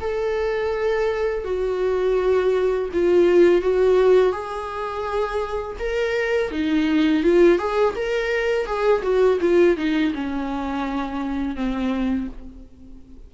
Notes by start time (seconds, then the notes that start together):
0.00 A4
1.44 F#4
2.93 F4
3.61 F#4
4.32 G#4
5.79 A#4
6.51 D#4
7.23 F4
7.58 G#4
7.95 A#4
8.65 G#4
9.02 F#4
9.40 F4
9.77 D#4
10.14 C#4
11.55 C4